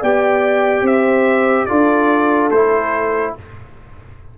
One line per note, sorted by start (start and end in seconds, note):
0.00 0.81 B3
0.00 1.68 G4
0.00 0.83 D5
0.00 0.86 G5
0.81 1.65 C4
0.81 1.66 C5
0.81 1.65 E5
1.65 2.51 D4
1.65 2.51 F4
1.65 3.33 A4
1.65 2.48 D5
2.51 3.34 A3
2.51 3.37 E4
2.51 3.34 C5